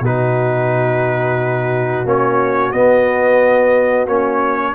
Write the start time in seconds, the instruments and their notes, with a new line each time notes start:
0.00 tuba B2, trombone D#4, horn F#4, trumpet B4
2.05 tuba A#3, trombone C#4, trumpet C#5
2.72 tuba B3, trombone B3, trumpet D#5
4.06 tuba A#3, trombone C#4, trumpet C#5